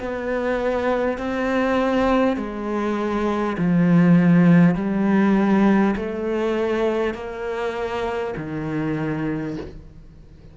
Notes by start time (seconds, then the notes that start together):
0.00 B3
1.18 C4
2.37 G#3
3.58 F3
4.75 G3
5.96 A3
7.15 A#3
8.38 D#3